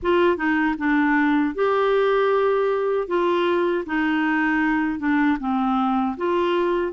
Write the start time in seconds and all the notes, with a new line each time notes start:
0.02 F4
0.37 D#4
0.77 D4
1.54 G4
3.07 F4
3.86 D#4
4.99 D4
5.39 C4
6.17 F4